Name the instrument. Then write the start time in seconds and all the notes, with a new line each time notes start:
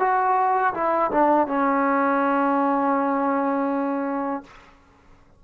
trombone
0.00 F#4
0.74 E4
1.12 D4
1.48 C#4